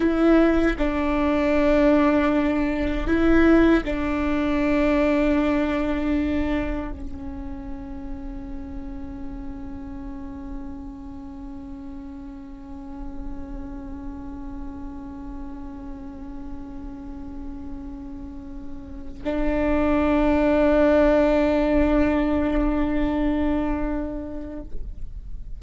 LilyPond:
\new Staff \with { instrumentName = "viola" } { \time 4/4 \tempo 4 = 78 e'4 d'2. | e'4 d'2.~ | d'4 cis'2.~ | cis'1~ |
cis'1~ | cis'1~ | cis'4 d'2.~ | d'1 | }